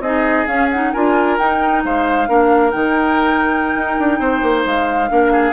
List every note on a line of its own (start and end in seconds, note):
0.00 0.45 C4
0.00 0.47 D#4
0.00 0.93 G#4
0.00 0.47 D#5
0.47 0.69 C#4
0.47 0.93 C#4
0.47 0.70 F5
0.71 0.95 D#4
0.71 0.92 F#5
0.92 1.39 D4
0.92 1.40 F4
0.92 1.83 A#4
0.92 1.37 G#5
1.38 1.84 D#4
1.38 2.27 D#4
1.38 1.83 G5
1.84 2.29 G#3
1.84 2.28 C5
1.84 2.71 F5
2.27 2.74 A#3
2.27 2.72 D4
2.27 4.19 A#4
2.71 3.75 D#3
2.71 5.09 D#4
2.71 4.62 G5
3.75 3.97 D#4
3.99 4.19 D4
4.19 4.42 C4
4.19 5.09 C5
4.42 4.65 A#3
4.66 5.11 G#3
4.66 5.53 F5
5.09 5.53 A#3
5.09 5.53 D4
5.09 5.32 A#4
5.32 5.53 G#4